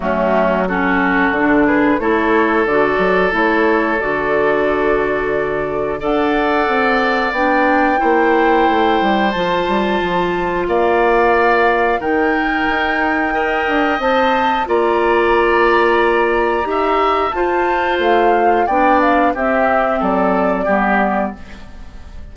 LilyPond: <<
  \new Staff \with { instrumentName = "flute" } { \time 4/4 \tempo 4 = 90 fis'4 a'4. b'8 cis''4 | d''4 cis''4 d''2~ | d''4 fis''2 g''4~ | g''2 a''2 |
f''2 g''2~ | g''4 a''4 ais''2~ | ais''2 a''4 f''4 | g''8 f''8 e''4 d''2 | }
  \new Staff \with { instrumentName = "oboe" } { \time 4/4 cis'4 fis'4. gis'8 a'4~ | a'1~ | a'4 d''2. | c''1 |
d''2 ais'2 | dis''2 d''2~ | d''4 e''4 c''2 | d''4 g'4 a'4 g'4 | }
  \new Staff \with { instrumentName = "clarinet" } { \time 4/4 a4 cis'4 d'4 e'4 | fis'4 e'4 fis'2~ | fis'4 a'2 d'4 | e'2 f'2~ |
f'2 dis'2 | ais'4 c''4 f'2~ | f'4 g'4 f'2 | d'4 c'2 b4 | }
  \new Staff \with { instrumentName = "bassoon" } { \time 4/4 fis2 d4 a4 | d8 fis8 a4 d2~ | d4 d'4 c'4 b4 | ais4 a8 g8 f8 g8 f4 |
ais2 dis4 dis'4~ | dis'8 d'8 c'4 ais2~ | ais4 dis'4 f'4 a4 | b4 c'4 fis4 g4 | }
>>